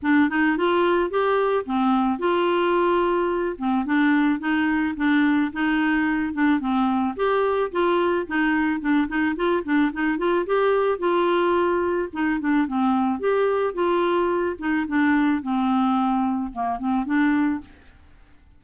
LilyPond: \new Staff \with { instrumentName = "clarinet" } { \time 4/4 \tempo 4 = 109 d'8 dis'8 f'4 g'4 c'4 | f'2~ f'8 c'8 d'4 | dis'4 d'4 dis'4. d'8 | c'4 g'4 f'4 dis'4 |
d'8 dis'8 f'8 d'8 dis'8 f'8 g'4 | f'2 dis'8 d'8 c'4 | g'4 f'4. dis'8 d'4 | c'2 ais8 c'8 d'4 | }